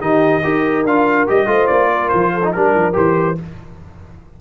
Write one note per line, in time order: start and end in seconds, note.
0.00 0.43 D#3
0.00 0.42 D#4
0.00 0.44 G4
0.00 0.85 D#5
0.43 0.85 D#4
0.43 0.85 G4
0.43 1.49 A#4
0.85 1.27 D4
0.85 1.28 F4
0.85 1.28 F5
1.28 1.47 G3
1.28 1.47 G4
1.28 1.67 D#5
1.47 1.68 A3
1.47 2.41 F4
1.47 1.92 C5
1.67 2.12 A#3
1.67 2.09 D5
1.93 2.34 A#4
2.09 2.56 F3
2.09 2.51 C5
2.34 2.55 A4
2.44 2.55 D#4
2.53 2.75 G3
2.53 2.93 D4
2.53 2.95 A#4
2.53 3.41 A#4
2.75 2.96 F3
2.93 3.39 E3
2.93 3.35 G4
2.93 3.39 C5